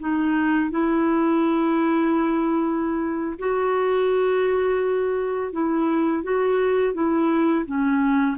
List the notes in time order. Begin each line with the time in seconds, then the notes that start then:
0.00 D#4
0.71 E4
3.39 F#4
5.53 E4
6.24 F#4
6.94 E4
7.66 C#4